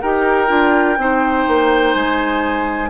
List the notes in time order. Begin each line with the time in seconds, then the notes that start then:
0.00 D#4 G4 A#4 G5
0.47 D4 F4
0.97 C4 D#4 C5
1.47 A#3
1.93 G#3 G#5